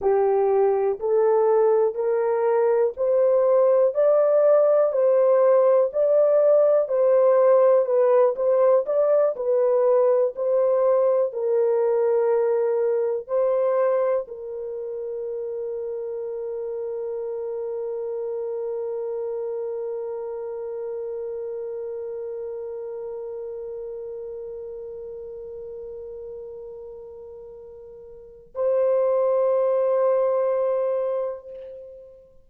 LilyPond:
\new Staff \with { instrumentName = "horn" } { \time 4/4 \tempo 4 = 61 g'4 a'4 ais'4 c''4 | d''4 c''4 d''4 c''4 | b'8 c''8 d''8 b'4 c''4 ais'8~ | ais'4. c''4 ais'4.~ |
ais'1~ | ais'1~ | ais'1~ | ais'4 c''2. | }